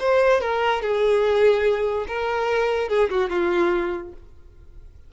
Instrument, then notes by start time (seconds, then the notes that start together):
violin
0.00 C5
0.41 A#4
0.82 G#4
2.08 A#4
2.89 G#4
3.10 F#4
3.30 F4